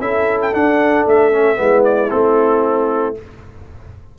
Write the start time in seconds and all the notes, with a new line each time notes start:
0.00 C#4 E4 A4 E5
0.42 G5
0.53 D4 F#5
1.06 A3 E5
1.32 C#4
1.55 G#3 B3 E4
1.84 D5
2.10 A3 C4 A4